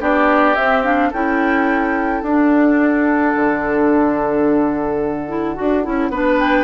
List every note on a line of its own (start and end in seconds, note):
0.00 0.56 B3
0.00 0.56 D4
0.00 1.09 G4
0.00 0.55 D5
0.55 1.12 C4
0.55 0.84 C4
0.55 0.83 E5
0.84 1.11 D4
0.84 1.11 F5
1.09 2.22 C#4
1.09 2.24 E4
1.09 6.09 A4
1.09 2.23 G5
2.22 3.33 D4
2.22 5.28 D4
2.22 6.39 F#5
3.35 5.57 D3
5.28 5.55 E4
5.55 5.86 D4
5.55 5.83 F#4
5.83 6.09 C#4
5.83 6.10 E4
6.09 6.64 B3
6.09 6.64 D4
6.09 6.64 B4
6.39 6.64 G5